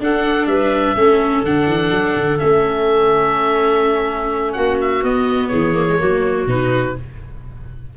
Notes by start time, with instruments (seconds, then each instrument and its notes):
0.00 tuba D4, viola D4, clarinet A4, oboe F#5
0.47 tuba G3, clarinet B4, oboe E5
0.95 tuba A3, viola C#4, clarinet A4
1.44 tuba D3, viola D4, oboe F#5
1.67 tuba E3
1.91 tuba F#3
2.15 tuba D3
2.39 tuba A3, viola C#4, oboe E5
4.53 tuba A#3, clarinet F#4, oboe F#5
4.81 oboe E5
5.03 tuba B3, viola B3, oboe D#5
5.48 tuba E3, clarinet G#4, oboe C#5
5.74 viola A#3
5.89 viola G#3
5.99 tuba F#3, viola A#3, clarinet F#4
6.46 tuba B2, viola D#4, oboe B4